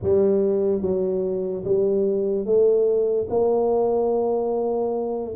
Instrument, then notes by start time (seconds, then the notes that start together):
tuba
0.02 G3
0.81 F#3
1.64 G3
2.45 A3
3.29 A#3